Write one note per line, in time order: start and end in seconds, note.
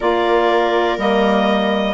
0.00 0.97 A#3
0.00 0.97 F4
0.00 1.93 A#4
0.00 0.99 D5
0.97 1.93 G3
0.97 1.93 A#3
0.97 1.93 D#5